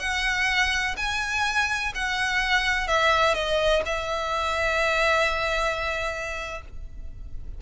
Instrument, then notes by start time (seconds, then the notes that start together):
violin
0.00 F#5
0.97 G#5
1.95 F#5
2.88 E5
3.35 D#5
3.86 E5